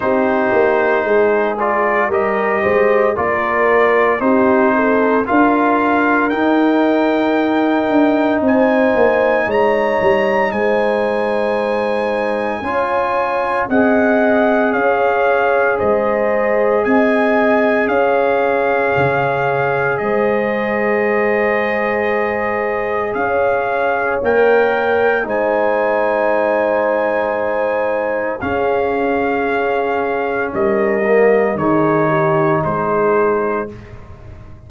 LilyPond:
<<
  \new Staff \with { instrumentName = "trumpet" } { \time 4/4 \tempo 4 = 57 c''4. d''8 dis''4 d''4 | c''4 f''4 g''2 | gis''4 ais''4 gis''2~ | gis''4 fis''4 f''4 dis''4 |
gis''4 f''2 dis''4~ | dis''2 f''4 g''4 | gis''2. f''4~ | f''4 dis''4 cis''4 c''4 | }
  \new Staff \with { instrumentName = "horn" } { \time 4/4 g'4 gis'4 ais'8 c''8 ais'4 | g'8 a'8 ais'2. | c''4 cis''4 c''2 | cis''4 dis''4 cis''4 c''4 |
dis''4 cis''2 c''4~ | c''2 cis''2 | c''2. gis'4~ | gis'4 ais'4 gis'8 g'8 gis'4 | }
  \new Staff \with { instrumentName = "trombone" } { \time 4/4 dis'4. f'8 g'4 f'4 | dis'4 f'4 dis'2~ | dis'1 | f'4 gis'2.~ |
gis'1~ | gis'2. ais'4 | dis'2. cis'4~ | cis'4. ais8 dis'2 | }
  \new Staff \with { instrumentName = "tuba" } { \time 4/4 c'8 ais8 gis4 g8 gis8 ais4 | c'4 d'4 dis'4. d'8 | c'8 ais8 gis8 g8 gis2 | cis'4 c'4 cis'4 gis4 |
c'4 cis'4 cis4 gis4~ | gis2 cis'4 ais4 | gis2. cis'4~ | cis'4 g4 dis4 gis4 | }
>>